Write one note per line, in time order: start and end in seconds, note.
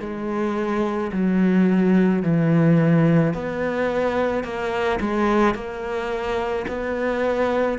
0.00 1.11 G#3
1.13 2.23 F#3
2.23 3.34 E3
3.34 4.44 B3
4.44 5.00 A#3
5.01 5.55 G#3
5.55 6.66 A#3
6.68 7.79 B3